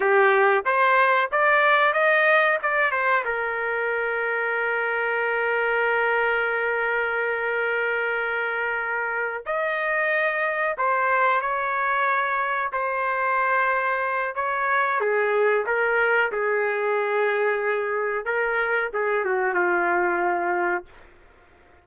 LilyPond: \new Staff \with { instrumentName = "trumpet" } { \time 4/4 \tempo 4 = 92 g'4 c''4 d''4 dis''4 | d''8 c''8 ais'2.~ | ais'1~ | ais'2~ ais'8 dis''4.~ |
dis''8 c''4 cis''2 c''8~ | c''2 cis''4 gis'4 | ais'4 gis'2. | ais'4 gis'8 fis'8 f'2 | }